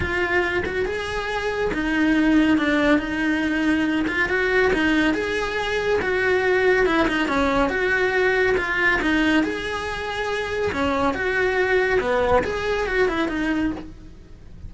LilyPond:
\new Staff \with { instrumentName = "cello" } { \time 4/4 \tempo 4 = 140 f'4. fis'8 gis'2 | dis'2 d'4 dis'4~ | dis'4. f'8 fis'4 dis'4 | gis'2 fis'2 |
e'8 dis'8 cis'4 fis'2 | f'4 dis'4 gis'2~ | gis'4 cis'4 fis'2 | b4 gis'4 fis'8 e'8 dis'4 | }